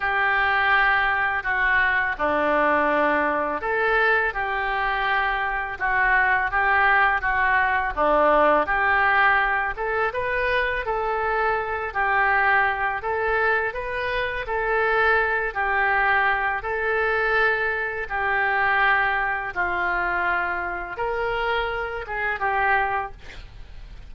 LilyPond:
\new Staff \with { instrumentName = "oboe" } { \time 4/4 \tempo 4 = 83 g'2 fis'4 d'4~ | d'4 a'4 g'2 | fis'4 g'4 fis'4 d'4 | g'4. a'8 b'4 a'4~ |
a'8 g'4. a'4 b'4 | a'4. g'4. a'4~ | a'4 g'2 f'4~ | f'4 ais'4. gis'8 g'4 | }